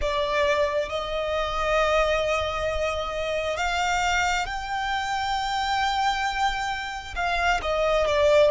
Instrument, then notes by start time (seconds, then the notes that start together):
violin
0.01 D5
0.89 D#5
3.57 F5
4.46 G5
7.15 F5
7.62 D#5
8.06 D5